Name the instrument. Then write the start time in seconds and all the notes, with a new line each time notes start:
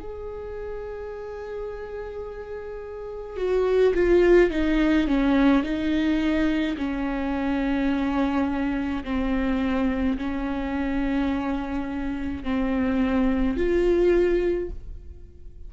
viola
0.00 G#4
3.37 F#4
3.95 F4
4.51 D#4
5.07 C#4
5.63 D#4
6.77 C#4
9.04 C4
10.18 C#4
12.44 C4
13.57 F4